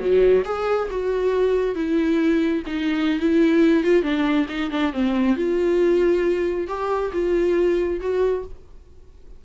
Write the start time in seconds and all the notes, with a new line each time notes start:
0.00 F#3
0.45 G#4
0.91 F#4
1.75 E4
2.67 D#4
3.20 E4
3.84 F4
4.03 D4
4.49 D#4
4.71 D4
4.93 C4
5.37 F4
6.68 G4
7.13 F4
8.01 F#4